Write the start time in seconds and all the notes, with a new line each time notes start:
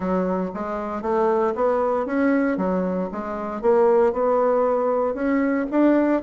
0.00 F#3
0.54 G#3
1.02 A3
1.55 B3
2.05 C#4
2.57 F#3
3.12 G#3
3.61 A#3
4.12 B3
5.14 C#4
5.70 D4